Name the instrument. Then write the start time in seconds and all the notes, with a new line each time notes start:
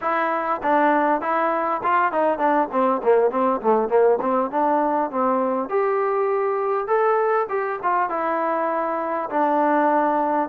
trombone
0.01 E4
0.62 D4
1.21 E4
1.83 F4
2.12 D#4
2.38 D4
2.71 C4
3.03 A#3
3.30 C4
3.61 A3
3.88 A#3
4.21 C4
4.50 D4
5.10 C4
5.69 G4
6.87 A4
7.49 G4
7.82 F4
8.09 E4
9.29 D4